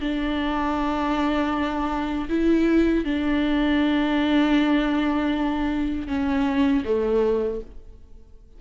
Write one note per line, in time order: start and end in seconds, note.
0.00 2.28 D4
2.29 3.04 E4
3.04 6.07 D4
6.07 6.83 C#4
6.84 7.60 A3